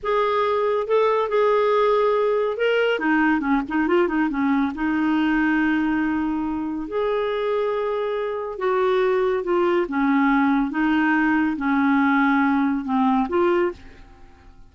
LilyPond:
\new Staff \with { instrumentName = "clarinet" } { \time 4/4 \tempo 4 = 140 gis'2 a'4 gis'4~ | gis'2 ais'4 dis'4 | cis'8 dis'8 f'8 dis'8 cis'4 dis'4~ | dis'1 |
gis'1 | fis'2 f'4 cis'4~ | cis'4 dis'2 cis'4~ | cis'2 c'4 f'4 | }